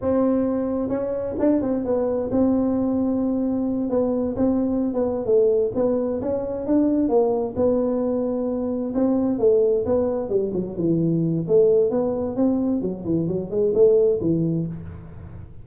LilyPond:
\new Staff \with { instrumentName = "tuba" } { \time 4/4 \tempo 4 = 131 c'2 cis'4 d'8 c'8 | b4 c'2.~ | c'8 b4 c'4~ c'16 b8. a8~ | a8 b4 cis'4 d'4 ais8~ |
ais8 b2. c'8~ | c'8 a4 b4 g8 fis8 e8~ | e4 a4 b4 c'4 | fis8 e8 fis8 gis8 a4 e4 | }